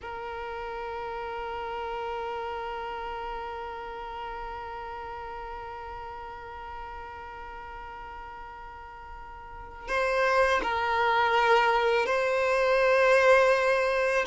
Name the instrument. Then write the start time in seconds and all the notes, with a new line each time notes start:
violin
0.01 A#4
9.87 C5
10.62 A#4
12.06 C5